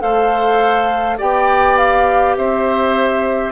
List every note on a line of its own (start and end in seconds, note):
0.00 1.20 A3
0.00 1.18 A4
0.00 1.18 C5
0.00 1.19 F5
1.18 2.37 B3
1.18 3.52 G4
1.18 2.35 D5
1.18 1.77 G5
1.77 2.36 F5
2.36 3.52 C4
2.36 3.52 C5
2.36 3.52 E5